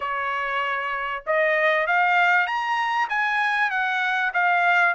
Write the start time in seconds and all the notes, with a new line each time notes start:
0.00 C#5
1.26 D#5
1.86 F5
2.46 A#5
3.09 G#5
3.70 F#5
4.33 F5